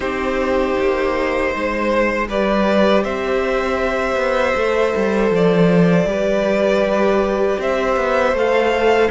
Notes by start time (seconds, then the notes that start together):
0.00 C4 D#4 G4 C5
0.78 A#3
1.51 G#3 C5
2.28 G3 G4 B4 D5
3.03 C4 C5 E5
4.15 B3
4.55 A3 A4
4.95 G3
5.30 F3 D5
6.05 G3 G4 B4
7.59 C4 C5 E5
7.96 B3
8.33 A3 A4 F5